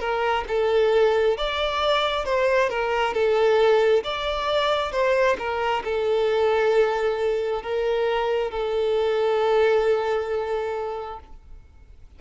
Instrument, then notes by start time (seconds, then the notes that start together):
violin
0.00 A#4
0.48 A4
1.38 D5
2.26 C5
2.69 A#4
3.14 A4
4.04 D5
4.92 C5
5.39 A#4
5.85 A4
7.63 A#4
8.52 A4